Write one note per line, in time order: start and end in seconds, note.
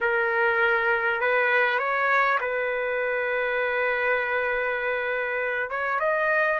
0.00 1.20 A#4
1.21 1.78 B4
1.78 2.38 C#5
2.40 5.70 B4
5.70 5.99 C#5
5.99 6.59 D#5